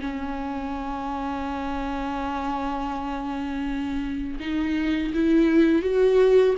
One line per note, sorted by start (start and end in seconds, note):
0.00 4.39 C#4
4.40 5.13 D#4
5.14 5.82 E4
5.82 6.56 F#4